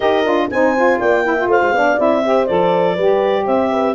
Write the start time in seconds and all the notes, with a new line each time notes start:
0.00 D#4 G4 A#4 D#5
0.24 D4 F4
0.50 C4 D#4 C5 G#5
0.75 F4
0.99 A#3 D5 G5
1.24 E4 E5
1.37 F4
1.46 A3 C5 F5
1.61 G#3
1.71 B3 D4 D5
1.97 C4 E4 E5
2.22 G4 C5
2.46 F3 A4 D5
2.93 G3 B4
3.01 G4
3.45 C4 C5 E5
3.70 B4